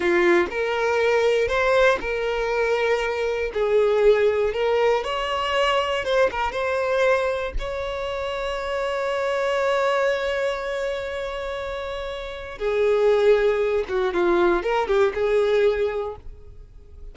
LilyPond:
\new Staff \with { instrumentName = "violin" } { \time 4/4 \tempo 4 = 119 f'4 ais'2 c''4 | ais'2. gis'4~ | gis'4 ais'4 cis''2 | c''8 ais'8 c''2 cis''4~ |
cis''1~ | cis''1~ | cis''4 gis'2~ gis'8 fis'8 | f'4 ais'8 g'8 gis'2 | }